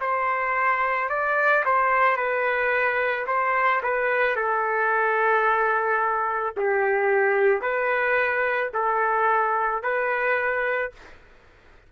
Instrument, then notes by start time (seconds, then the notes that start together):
trumpet
0.00 C5
1.09 D5
1.65 C5
2.17 B4
3.27 C5
3.82 B4
4.36 A4
6.57 G4
7.61 B4
8.73 A4
9.82 B4